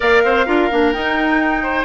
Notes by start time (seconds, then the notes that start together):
0.00 A#3 A#4 D5 F5
0.24 C4 C5
0.46 D4 F4 A#4
0.71 A#3 D4
0.92 D#4 G5
1.62 C5